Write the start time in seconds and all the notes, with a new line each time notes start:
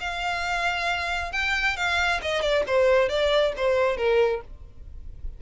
0.00 F5
1.32 G5
1.76 F5
2.21 D#5
2.41 D5
2.67 C5
3.08 D5
3.56 C5
3.97 A#4